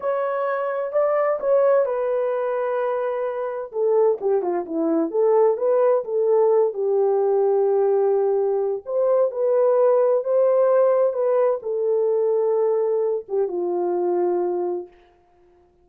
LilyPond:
\new Staff \with { instrumentName = "horn" } { \time 4/4 \tempo 4 = 129 cis''2 d''4 cis''4 | b'1 | a'4 g'8 f'8 e'4 a'4 | b'4 a'4. g'4.~ |
g'2. c''4 | b'2 c''2 | b'4 a'2.~ | a'8 g'8 f'2. | }